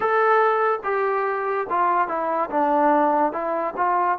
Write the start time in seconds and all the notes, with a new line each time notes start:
0.00 A4
0.83 G4
1.69 F4
2.08 E4
2.50 D4
3.32 E4
3.77 F4